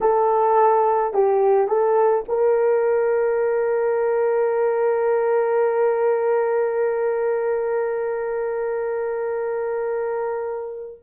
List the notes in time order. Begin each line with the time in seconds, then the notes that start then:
0.01 A4
1.13 G4
1.67 A4
2.28 A#4